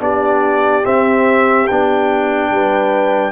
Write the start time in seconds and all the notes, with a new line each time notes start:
0.00 B3 D4 G4 D5
0.84 C4 E5
1.67 B3 D4 G5
2.51 G3 B4